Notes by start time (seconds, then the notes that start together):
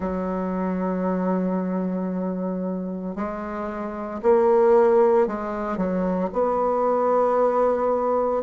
0.00 F#3
3.15 G#3
4.22 A#3
5.27 G#3
5.77 F#3
6.32 B3